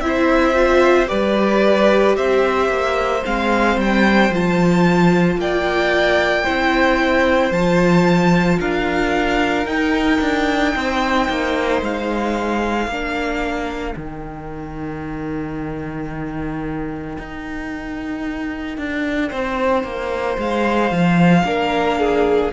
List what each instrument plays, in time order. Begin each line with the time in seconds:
0.00 cello C4, viola E4, violin E5
0.06 violin C5
0.55 viola F4
1.06 cello G3, viola G4, violin B4 D5
2.16 cello C4, violin C5 E5
2.69 cello A#3
3.23 cello G#3, viola C4, violin F5
3.76 cello G3, violin G5
4.29 cello F3, viola F4, violin A5
5.37 cello A#3, violin D5 G5
6.44 cello C4, viola E4, violin C5
7.51 cello F3, viola F4, violin A5
8.60 cello D4, violin A#4 F5
9.65 cello D#4, viola D#4, violin G5
10.21 cello D4
10.75 cello C4, violin C5
11.29 cello A#3
11.81 cello G#3, violin F5
12.87 cello A#3, viola D4, violin A#4
13.95 cello D#3, viola D#4, violin G5
17.18 cello D#4
18.77 cello D4
19.30 cello C4, violin C5
19.83 cello A#3
20.37 cello G#3, violin F5
20.91 cello F3
21.43 cello A#3, viola D4, violin A#4
22.00 violin G#4